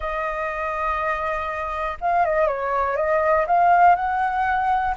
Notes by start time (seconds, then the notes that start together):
0.00 D#5
2.00 F5
2.25 D#5
2.47 C#5
2.96 D#5
3.46 F5
3.95 F#5